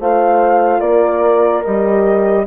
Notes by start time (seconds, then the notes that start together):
0.00 A3 F4 C5 F5
0.80 A#3 A#4 D5
1.64 G3 G4 D#5